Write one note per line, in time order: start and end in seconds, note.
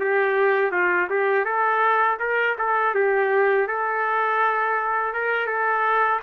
0.00 0.72 G4
0.72 1.08 F4
1.10 1.45 G4
1.45 2.18 A4
2.20 2.56 A#4
2.58 2.95 A4
2.95 3.67 G4
3.67 5.13 A4
5.13 5.46 A#4
5.46 6.20 A4